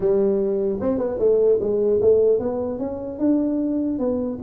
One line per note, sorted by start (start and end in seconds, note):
0.00 0.79 G3
0.80 0.98 C4
0.98 1.18 B3
1.18 1.58 A3
1.60 2.00 G#3
2.01 2.39 A3
2.39 2.79 B3
2.79 3.18 C#4
3.18 3.98 D4
3.98 4.38 B3